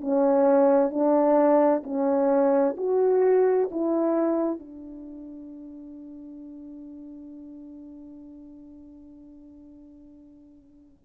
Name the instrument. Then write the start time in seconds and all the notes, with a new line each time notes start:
horn
0.00 C#4
0.90 D4
1.83 C#4
2.77 F#4
3.70 E4
4.59 D4